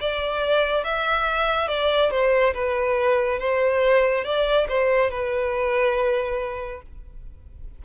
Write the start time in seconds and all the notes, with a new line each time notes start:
0.00 D5
0.84 E5
1.68 D5
2.11 C5
2.54 B4
3.39 C5
4.24 D5
4.68 C5
5.10 B4